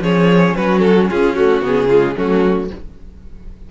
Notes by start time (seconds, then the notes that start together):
0.00 F3 C#4 G#4 C#5
0.55 F#3 F#4 B4
0.79 A4
1.10 C#4 F4 G#4
1.35 A3 F#4
1.62 C#3 B3 G#4
1.87 G#3 F4
2.16 F#3 A3 C#4 F#4